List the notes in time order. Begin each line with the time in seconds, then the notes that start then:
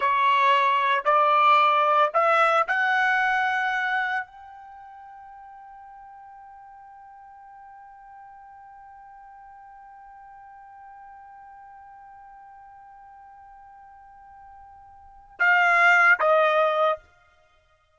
0.00 C#5
1.05 D5
2.13 E5
2.67 F#5
4.26 G5
15.39 F5
16.19 D#5